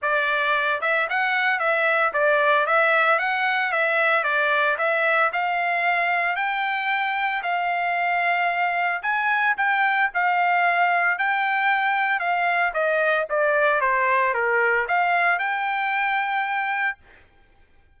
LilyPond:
\new Staff \with { instrumentName = "trumpet" } { \time 4/4 \tempo 4 = 113 d''4. e''8 fis''4 e''4 | d''4 e''4 fis''4 e''4 | d''4 e''4 f''2 | g''2 f''2~ |
f''4 gis''4 g''4 f''4~ | f''4 g''2 f''4 | dis''4 d''4 c''4 ais'4 | f''4 g''2. | }